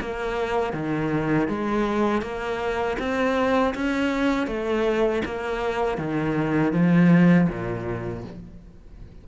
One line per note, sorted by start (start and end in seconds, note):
0.00 0.73 A#3
0.73 1.48 D#3
1.48 2.22 G#3
2.22 2.97 A#3
2.99 3.74 C4
3.74 4.47 C#4
4.47 5.22 A3
5.24 5.97 A#3
5.97 6.72 D#3
6.72 7.47 F3
7.48 8.23 A#2